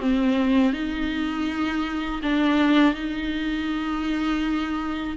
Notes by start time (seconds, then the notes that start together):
0.00 C4
0.73 D#4
2.22 D4
2.94 D#4